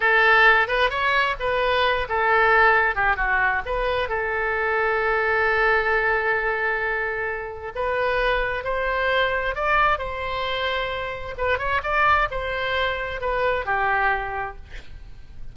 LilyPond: \new Staff \with { instrumentName = "oboe" } { \time 4/4 \tempo 4 = 132 a'4. b'8 cis''4 b'4~ | b'8 a'2 g'8 fis'4 | b'4 a'2.~ | a'1~ |
a'4 b'2 c''4~ | c''4 d''4 c''2~ | c''4 b'8 cis''8 d''4 c''4~ | c''4 b'4 g'2 | }